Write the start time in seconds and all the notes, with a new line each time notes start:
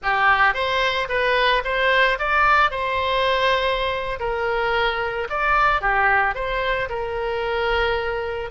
0.02 G4
0.54 C5
1.08 B4
1.64 C5
2.18 D5
2.70 C5
4.19 A#4
5.29 D5
5.81 G4
6.34 C5
6.89 A#4